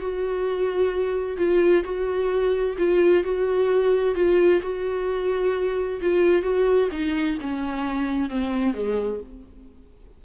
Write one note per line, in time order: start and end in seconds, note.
0.00 1.37 F#4
1.37 1.84 F4
1.84 2.77 F#4
2.78 3.24 F4
3.24 4.15 F#4
4.15 4.61 F4
4.62 6.01 F#4
6.01 6.43 F4
6.43 6.89 F#4
6.92 7.38 D#4
7.41 8.30 C#4
8.30 8.74 C4
8.74 9.20 G#3